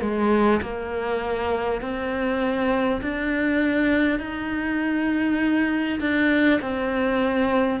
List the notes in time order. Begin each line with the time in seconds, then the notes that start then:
0.00 G#3
0.61 A#3
1.81 C4
3.01 D4
4.19 D#4
6.00 D4
6.61 C4